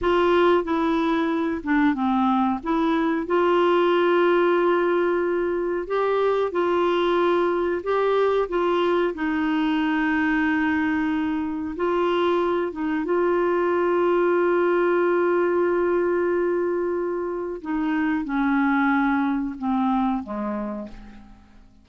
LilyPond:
\new Staff \with { instrumentName = "clarinet" } { \time 4/4 \tempo 4 = 92 f'4 e'4. d'8 c'4 | e'4 f'2.~ | f'4 g'4 f'2 | g'4 f'4 dis'2~ |
dis'2 f'4. dis'8 | f'1~ | f'2. dis'4 | cis'2 c'4 gis4 | }